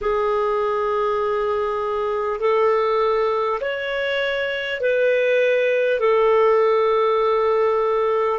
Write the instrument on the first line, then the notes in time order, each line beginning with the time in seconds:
clarinet
0.01 G#4
2.40 A4
3.61 C#5
4.81 B4
6.00 A4